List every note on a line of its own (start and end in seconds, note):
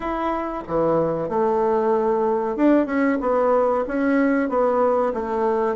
0.00 0.63 E4
0.67 1.29 E3
1.29 2.56 A3
2.56 2.85 D4
2.85 3.17 C#4
3.20 3.84 B3
3.87 4.49 C#4
4.49 5.12 B3
5.13 5.76 A3